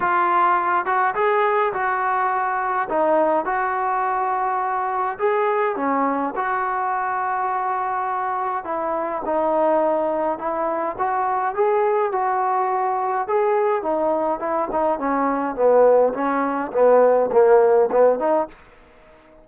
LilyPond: \new Staff \with { instrumentName = "trombone" } { \time 4/4 \tempo 4 = 104 f'4. fis'8 gis'4 fis'4~ | fis'4 dis'4 fis'2~ | fis'4 gis'4 cis'4 fis'4~ | fis'2. e'4 |
dis'2 e'4 fis'4 | gis'4 fis'2 gis'4 | dis'4 e'8 dis'8 cis'4 b4 | cis'4 b4 ais4 b8 dis'8 | }